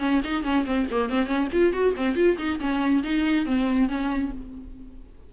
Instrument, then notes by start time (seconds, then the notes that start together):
viola
0.00 C#4
0.25 D#4
0.44 C#4
0.66 C4
0.91 A#3
1.10 C4
1.27 C#4
1.53 F4
1.73 F#4
1.97 C4
2.16 F4
2.38 D#4
2.61 C#4
3.04 D#4
3.46 C4
3.89 C#4